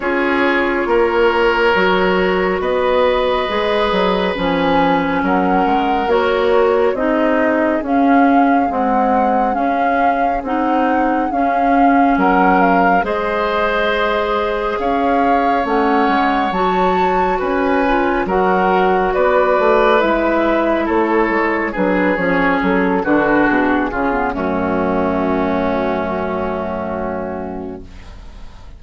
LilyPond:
<<
  \new Staff \with { instrumentName = "flute" } { \time 4/4 \tempo 4 = 69 cis''2. dis''4~ | dis''4 gis''4 fis''4 cis''4 | dis''4 f''4 fis''4 f''4 | fis''4 f''4 fis''8 f''8 dis''4~ |
dis''4 f''4 fis''4 a''4 | gis''4 fis''4 d''4 e''4 | cis''4 b'8 cis''8 a'8 b'8 gis'4 | fis'1 | }
  \new Staff \with { instrumentName = "oboe" } { \time 4/4 gis'4 ais'2 b'4~ | b'2 ais'2 | gis'1~ | gis'2 ais'4 c''4~ |
c''4 cis''2. | b'4 ais'4 b'2 | a'4 gis'4. fis'4 f'8 | cis'1 | }
  \new Staff \with { instrumentName = "clarinet" } { \time 4/4 f'2 fis'2 | gis'4 cis'2 fis'4 | dis'4 cis'4 gis4 cis'4 | dis'4 cis'2 gis'4~ |
gis'2 cis'4 fis'4~ | fis'8 f'8 fis'2 e'4~ | e'4 d'8 cis'4 d'4 cis'16 b16 | a1 | }
  \new Staff \with { instrumentName = "bassoon" } { \time 4/4 cis'4 ais4 fis4 b4 | gis8 fis8 f4 fis8 gis8 ais4 | c'4 cis'4 c'4 cis'4 | c'4 cis'4 fis4 gis4~ |
gis4 cis'4 a8 gis8 fis4 | cis'4 fis4 b8 a8 gis4 | a8 gis8 fis8 f8 fis8 d8 b,8 cis8 | fis,1 | }
>>